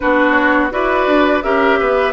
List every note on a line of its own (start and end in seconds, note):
0.00 0.72 B3
0.00 0.70 D4
0.00 0.72 F#4
0.00 0.31 B4
0.31 0.67 C#5
0.70 1.06 E4
0.70 1.42 F#4
0.70 1.44 B4
0.70 1.42 D5
1.06 1.42 D4
1.42 1.80 C#4
1.42 2.12 G4
1.42 1.79 A#4
1.42 2.12 E5
1.79 2.12 B3
1.79 2.12 B4